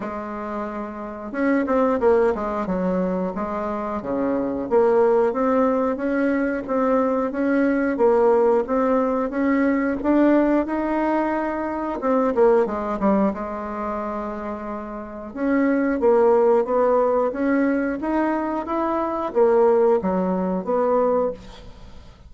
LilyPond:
\new Staff \with { instrumentName = "bassoon" } { \time 4/4 \tempo 4 = 90 gis2 cis'8 c'8 ais8 gis8 | fis4 gis4 cis4 ais4 | c'4 cis'4 c'4 cis'4 | ais4 c'4 cis'4 d'4 |
dis'2 c'8 ais8 gis8 g8 | gis2. cis'4 | ais4 b4 cis'4 dis'4 | e'4 ais4 fis4 b4 | }